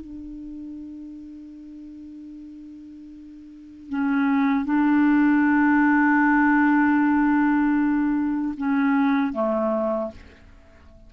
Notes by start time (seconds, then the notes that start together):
0.00 D4
3.89 C#4
4.65 D4
8.57 C#4
9.33 A3